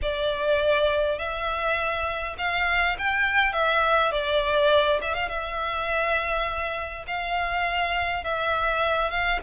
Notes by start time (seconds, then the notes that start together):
0.02 D5
1.18 E5
2.38 F5
2.98 G5
3.52 E5
4.11 D5
5.01 E5
5.14 F5
5.28 E5
7.07 F5
8.24 E5
9.10 F5